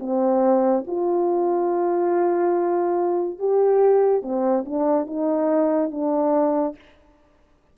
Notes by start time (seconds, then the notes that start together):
0.00 C4
0.87 F4
3.40 G4
4.23 C4
4.66 D4
5.07 D#4
5.92 D4